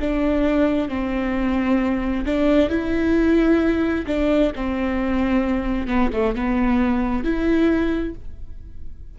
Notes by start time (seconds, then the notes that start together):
0.00 D4
0.89 C4
2.26 D4
2.70 E4
4.07 D4
4.56 C4
5.88 B3
6.13 A3
6.36 B3
7.24 E4